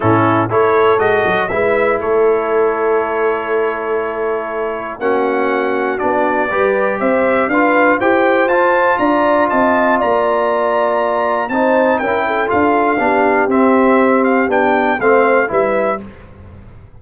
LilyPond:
<<
  \new Staff \with { instrumentName = "trumpet" } { \time 4/4 \tempo 4 = 120 a'4 cis''4 dis''4 e''4 | cis''1~ | cis''2 fis''2 | d''2 e''4 f''4 |
g''4 a''4 ais''4 a''4 | ais''2. a''4 | g''4 f''2 e''4~ | e''8 f''8 g''4 f''4 e''4 | }
  \new Staff \with { instrumentName = "horn" } { \time 4/4 e'4 a'2 b'4 | a'1~ | a'2 fis'2~ | fis'4 b'4 c''4 b'4 |
c''2 d''4 dis''4 | d''2. c''4 | ais'8 a'4. g'2~ | g'2 c''4 b'4 | }
  \new Staff \with { instrumentName = "trombone" } { \time 4/4 cis'4 e'4 fis'4 e'4~ | e'1~ | e'2 cis'2 | d'4 g'2 f'4 |
g'4 f'2.~ | f'2. dis'4 | e'4 f'4 d'4 c'4~ | c'4 d'4 c'4 e'4 | }
  \new Staff \with { instrumentName = "tuba" } { \time 4/4 a,4 a4 gis8 fis8 gis4 | a1~ | a2 ais2 | b4 g4 c'4 d'4 |
e'4 f'4 d'4 c'4 | ais2. c'4 | cis'4 d'4 b4 c'4~ | c'4 b4 a4 g4 | }
>>